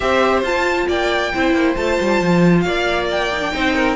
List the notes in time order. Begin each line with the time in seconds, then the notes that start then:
0.00 C4 G4 C5 E5
0.42 F4 A5
0.88 A#3 D5 G5
1.33 C4 E4 C5
1.53 A#3
1.75 A3 F4 A5
2.01 G3
2.21 F3
2.60 A#3 D5 F5
3.11 G5
3.32 D#4
3.40 D4
3.51 C4 D#4 C5
3.75 A#4